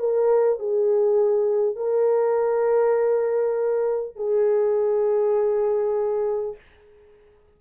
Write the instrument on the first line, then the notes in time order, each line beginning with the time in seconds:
horn
0.00 A#4
0.59 G#4
1.76 A#4
4.16 G#4